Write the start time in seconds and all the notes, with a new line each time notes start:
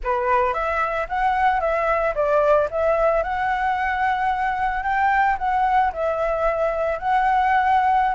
0.03 B4
0.53 E5
1.09 F#5
1.60 E5
2.14 D5
2.71 E5
3.23 F#5
4.83 G5
5.38 F#5
5.92 E5
6.98 F#5